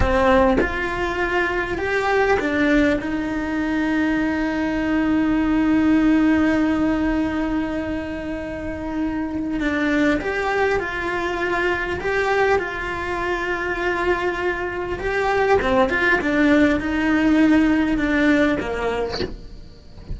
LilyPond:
\new Staff \with { instrumentName = "cello" } { \time 4/4 \tempo 4 = 100 c'4 f'2 g'4 | d'4 dis'2.~ | dis'1~ | dis'1 |
d'4 g'4 f'2 | g'4 f'2.~ | f'4 g'4 c'8 f'8 d'4 | dis'2 d'4 ais4 | }